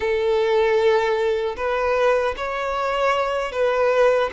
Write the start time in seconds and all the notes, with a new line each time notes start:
0.00 A4
1.57 B4
2.36 C#5
3.52 B4